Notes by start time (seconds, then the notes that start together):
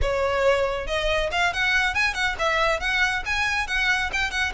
0.01 C#5
0.87 D#5
1.31 F5
1.53 F#5
1.94 G#5
2.14 F#5
2.39 E5
2.79 F#5
3.25 G#5
3.67 F#5
4.12 G5
4.30 F#5